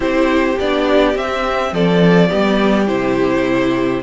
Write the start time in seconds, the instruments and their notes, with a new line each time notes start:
0.00 cello C4, viola E4, violin G4 C5
0.59 cello B3, viola D4, violin D5
1.14 viola C4, cello C4, violin E5
1.72 cello F3, violin A4 D5
2.28 cello G3, viola B3, violin G4
2.86 cello C3, viola E4, violin C5